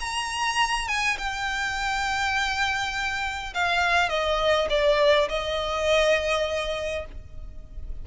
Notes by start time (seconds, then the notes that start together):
0.00 A#5
0.88 G#5
1.18 G5
3.54 F5
4.09 D#5
4.70 D5
5.29 D#5